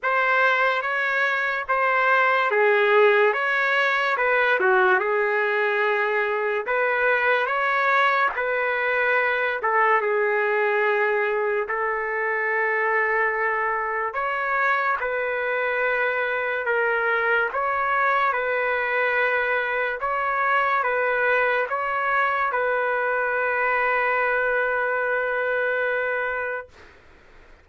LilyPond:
\new Staff \with { instrumentName = "trumpet" } { \time 4/4 \tempo 4 = 72 c''4 cis''4 c''4 gis'4 | cis''4 b'8 fis'8 gis'2 | b'4 cis''4 b'4. a'8 | gis'2 a'2~ |
a'4 cis''4 b'2 | ais'4 cis''4 b'2 | cis''4 b'4 cis''4 b'4~ | b'1 | }